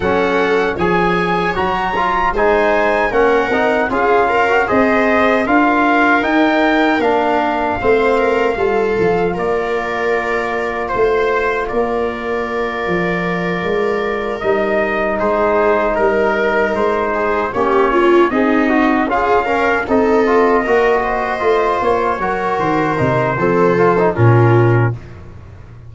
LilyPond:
<<
  \new Staff \with { instrumentName = "trumpet" } { \time 4/4 \tempo 4 = 77 fis''4 gis''4 ais''4 gis''4 | fis''4 f''4 dis''4 f''4 | g''4 f''2. | d''2 c''4 d''4~ |
d''2~ d''8 dis''4 c''8~ | c''8 ais'4 c''4 cis''4 dis''8~ | dis''8 f''4 dis''2~ dis''8 | cis''4 c''2 ais'4 | }
  \new Staff \with { instrumentName = "viola" } { \time 4/4 a'4 cis''2 c''4 | ais'4 gis'8 ais'8 c''4 ais'4~ | ais'2 c''8 ais'8 a'4 | ais'2 c''4 ais'4~ |
ais'2.~ ais'8 gis'8~ | gis'8 ais'4. gis'8 g'8 f'8 dis'8~ | dis'8 gis'8 ais'8 a'4 ais'8 c''4~ | c''8 ais'4. a'4 f'4 | }
  \new Staff \with { instrumentName = "trombone" } { \time 4/4 cis'4 gis'4 fis'8 f'8 dis'4 | cis'8 dis'8 f'8. fis'16 gis'4 f'4 | dis'4 d'4 c'4 f'4~ | f'1~ |
f'2~ f'8 dis'4.~ | dis'2~ dis'8 cis'4 gis'8 | fis'8 f'8 cis'8 dis'8 f'8 fis'4 f'8~ | f'8 fis'4 dis'8 c'8 f'16 dis'16 cis'4 | }
  \new Staff \with { instrumentName = "tuba" } { \time 4/4 fis4 f4 fis4 gis4 | ais8 c'8 cis'4 c'4 d'4 | dis'4 ais4 a4 g8 f8 | ais2 a4 ais4~ |
ais8 f4 gis4 g4 gis8~ | gis8 g4 gis4 ais4 c'8~ | c'8 cis'4 c'4 ais4 a8 | ais8 fis8 dis8 c8 f4 ais,4 | }
>>